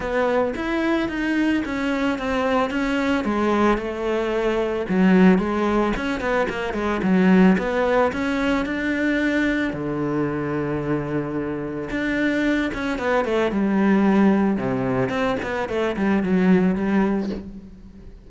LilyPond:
\new Staff \with { instrumentName = "cello" } { \time 4/4 \tempo 4 = 111 b4 e'4 dis'4 cis'4 | c'4 cis'4 gis4 a4~ | a4 fis4 gis4 cis'8 b8 | ais8 gis8 fis4 b4 cis'4 |
d'2 d2~ | d2 d'4. cis'8 | b8 a8 g2 c4 | c'8 b8 a8 g8 fis4 g4 | }